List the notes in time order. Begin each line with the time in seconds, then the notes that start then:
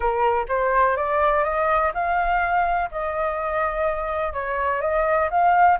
0.00 A#4
0.48 C5
0.96 D5
1.44 D#5
1.93 F5
2.91 D#5
4.33 C#5
4.81 D#5
5.30 F5